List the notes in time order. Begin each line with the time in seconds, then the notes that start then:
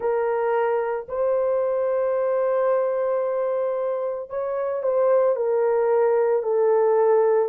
0.00 A#4
1.08 C5
4.29 C#5
4.83 C5
5.36 A#4
6.42 A4